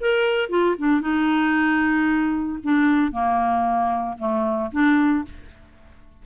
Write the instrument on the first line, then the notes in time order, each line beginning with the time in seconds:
clarinet
0.00 A#4
0.50 F4
0.78 D4
1.01 D#4
2.63 D4
3.12 A#3
4.18 A3
4.72 D4